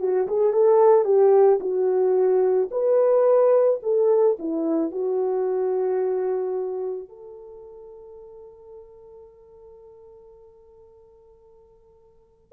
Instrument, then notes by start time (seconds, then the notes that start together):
horn
0.00 F#4
0.27 G#4
0.53 A4
1.05 G4
1.60 F#4
2.71 B4
3.83 A4
4.39 E4
4.91 F#4
7.09 A4